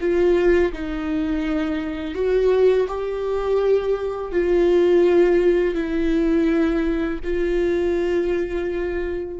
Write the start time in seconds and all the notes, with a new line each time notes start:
0.00 F4
0.73 D#4
2.15 F#4
2.88 G4
4.31 F4
5.75 E4
7.24 F4